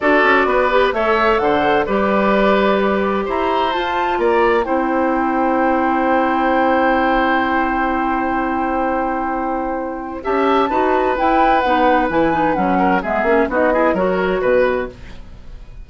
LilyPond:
<<
  \new Staff \with { instrumentName = "flute" } { \time 4/4 \tempo 4 = 129 d''2 e''4 fis''4 | d''2. ais''4 | a''4 ais''4 g''2~ | g''1~ |
g''1~ | g''2 a''2 | g''4 fis''4 gis''4 fis''4 | e''4 dis''4 cis''4 b'4 | }
  \new Staff \with { instrumentName = "oboe" } { \time 4/4 a'4 b'4 cis''4 c''4 | b'2. c''4~ | c''4 d''4 c''2~ | c''1~ |
c''1~ | c''2 e''4 b'4~ | b'2.~ b'8 ais'8 | gis'4 fis'8 gis'8 ais'4 b'4 | }
  \new Staff \with { instrumentName = "clarinet" } { \time 4/4 fis'4. g'8 a'2 | g'1 | f'2 e'2~ | e'1~ |
e'1~ | e'2 g'4 fis'4 | e'4 dis'4 e'8 dis'8 cis'4 | b8 cis'8 dis'8 e'8 fis'2 | }
  \new Staff \with { instrumentName = "bassoon" } { \time 4/4 d'8 cis'8 b4 a4 d4 | g2. e'4 | f'4 ais4 c'2~ | c'1~ |
c'1~ | c'2 cis'4 dis'4 | e'4 b4 e4 fis4 | gis8 ais8 b4 fis4 b,4 | }
>>